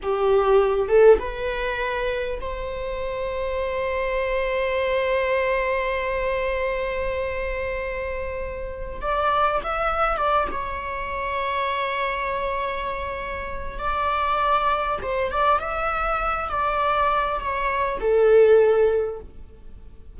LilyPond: \new Staff \with { instrumentName = "viola" } { \time 4/4 \tempo 4 = 100 g'4. a'8 b'2 | c''1~ | c''1~ | c''2. d''4 |
e''4 d''8 cis''2~ cis''8~ | cis''2. d''4~ | d''4 c''8 d''8 e''4. d''8~ | d''4 cis''4 a'2 | }